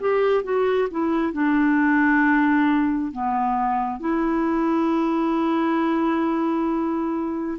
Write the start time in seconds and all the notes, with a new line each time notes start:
0.00 G4
0.44 F#4
0.91 E4
1.33 D4
3.12 B3
4.00 E4